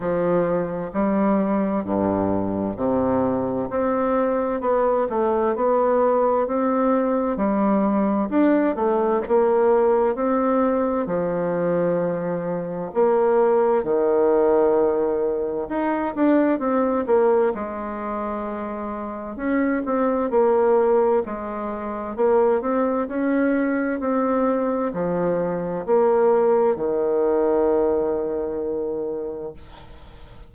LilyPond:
\new Staff \with { instrumentName = "bassoon" } { \time 4/4 \tempo 4 = 65 f4 g4 g,4 c4 | c'4 b8 a8 b4 c'4 | g4 d'8 a8 ais4 c'4 | f2 ais4 dis4~ |
dis4 dis'8 d'8 c'8 ais8 gis4~ | gis4 cis'8 c'8 ais4 gis4 | ais8 c'8 cis'4 c'4 f4 | ais4 dis2. | }